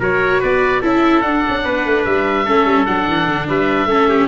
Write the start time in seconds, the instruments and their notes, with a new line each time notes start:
0.00 tuba F#3, viola F#4, trumpet A#4, oboe C#5
0.40 tuba B3, trumpet B4, oboe D5
0.81 tuba C#4, viola E4, trumpet A4, oboe E5
1.21 tuba D4, viola D4, oboe F#5
1.49 tuba C#4
1.64 tuba B3, trumpet B4
1.85 tuba A3
2.05 tuba G3, oboe E5
2.45 tuba A3, viola C#4, trumpet A4
2.65 tuba G3
2.86 tuba F#3, viola D4, oboe F#5
3.08 tuba E3
3.28 tuba D3
3.48 tuba G3, trumpet B4, oboe E5
3.86 tuba A3, viola C#4, trumpet A4
4.09 trumpet G4